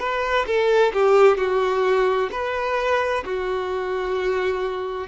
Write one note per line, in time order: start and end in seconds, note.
0.00 0.46 B4
0.47 0.93 A4
0.93 1.38 G4
1.38 2.30 F#4
2.32 3.24 B4
3.25 5.08 F#4